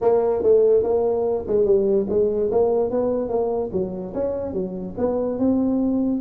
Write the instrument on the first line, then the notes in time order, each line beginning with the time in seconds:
tuba
0.01 A#3
0.43 A3
0.83 A#3
1.47 G#3
1.65 G3
2.09 G#3
2.51 A#3
2.90 B3
3.28 A#3
3.72 F#3
4.14 C#4
4.53 F#3
4.97 B3
5.38 C4